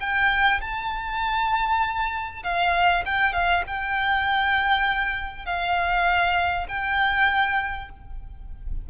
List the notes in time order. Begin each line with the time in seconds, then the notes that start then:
0.00 G5
0.61 A5
2.43 F5
3.06 G5
3.33 F5
3.67 G5
5.45 F5
6.68 G5